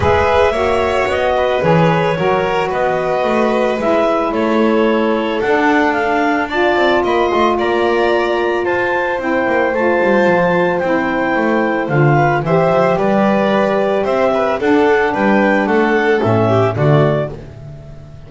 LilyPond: <<
  \new Staff \with { instrumentName = "clarinet" } { \time 4/4 \tempo 4 = 111 e''2 dis''4 cis''4~ | cis''4 dis''2 e''4 | cis''2 fis''4 f''4 | a''4 b''8 c'''8 ais''2 |
a''4 g''4 a''2 | g''2 f''4 e''4 | d''2 e''4 fis''4 | g''4 fis''4 e''4 d''4 | }
  \new Staff \with { instrumentName = "violin" } { \time 4/4 b'4 cis''4. b'4. | ais'4 b'2. | a'1 | d''4 dis''4 d''2 |
c''1~ | c''2~ c''8 b'8 c''4 | b'2 c''8 b'8 a'4 | b'4 a'4. g'8 fis'4 | }
  \new Staff \with { instrumentName = "saxophone" } { \time 4/4 gis'4 fis'2 gis'4 | fis'2. e'4~ | e'2 d'2 | f'1~ |
f'4 e'4 f'2 | e'2 f'4 g'4~ | g'2. d'4~ | d'2 cis'4 a4 | }
  \new Staff \with { instrumentName = "double bass" } { \time 4/4 gis4 ais4 b4 e4 | fis4 b4 a4 gis4 | a2 d'2~ | d'8 c'8 ais8 a8 ais2 |
f'4 c'8 ais8 a8 g8 f4 | c'4 a4 d4 e8 f8 | g2 c'4 d'4 | g4 a4 a,4 d4 | }
>>